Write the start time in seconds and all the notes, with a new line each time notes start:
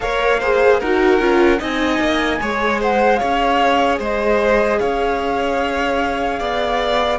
0.00 A#3 A#4 C#5 F5
0.39 G#4 C5
0.79 D#4 F#4 A#4 F#5
1.19 C#4 F4
1.59 C4 D#4 D#5 G#5
1.99 A#3
2.39 G#3 G#4 C#5
2.80 C5 F#5
3.16 C#5 F5
3.22 C#4
3.98 G#3 C5 D#5
4.79 C#4 C#5 F5
6.39 B3 D5